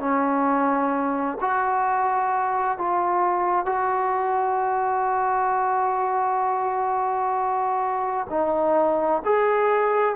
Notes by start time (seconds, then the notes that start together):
0.00 C#4
1.41 F#4
2.78 F4
3.66 F#4
8.30 D#4
9.25 G#4